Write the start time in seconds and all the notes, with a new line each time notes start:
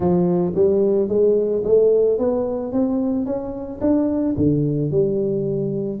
0.00 F3
0.55 G3
1.08 G#3
1.63 A3
2.18 B3
2.72 C4
3.25 C#4
3.81 D4
4.37 D3
4.91 G3